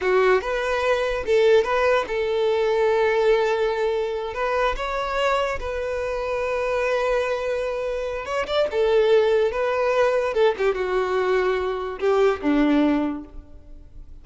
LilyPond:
\new Staff \with { instrumentName = "violin" } { \time 4/4 \tempo 4 = 145 fis'4 b'2 a'4 | b'4 a'2.~ | a'2~ a'8 b'4 cis''8~ | cis''4. b'2~ b'8~ |
b'1 | cis''8 d''8 a'2 b'4~ | b'4 a'8 g'8 fis'2~ | fis'4 g'4 d'2 | }